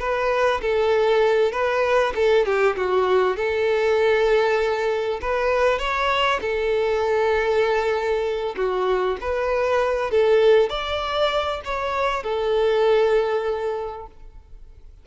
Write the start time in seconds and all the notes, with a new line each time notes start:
0.00 B4
0.62 A4
1.53 B4
2.15 A4
2.46 G4
2.77 F#4
3.36 A4
5.22 B4
5.79 C#5
6.41 A4
8.57 F#4
9.21 B4
10.11 A4
10.70 D5
11.65 C#5
12.23 A4